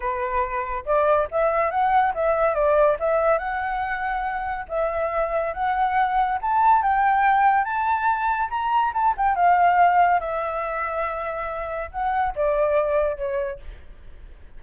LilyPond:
\new Staff \with { instrumentName = "flute" } { \time 4/4 \tempo 4 = 141 b'2 d''4 e''4 | fis''4 e''4 d''4 e''4 | fis''2. e''4~ | e''4 fis''2 a''4 |
g''2 a''2 | ais''4 a''8 g''8 f''2 | e''1 | fis''4 d''2 cis''4 | }